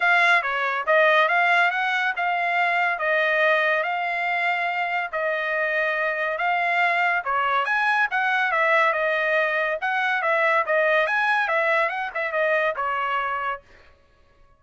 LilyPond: \new Staff \with { instrumentName = "trumpet" } { \time 4/4 \tempo 4 = 141 f''4 cis''4 dis''4 f''4 | fis''4 f''2 dis''4~ | dis''4 f''2. | dis''2. f''4~ |
f''4 cis''4 gis''4 fis''4 | e''4 dis''2 fis''4 | e''4 dis''4 gis''4 e''4 | fis''8 e''8 dis''4 cis''2 | }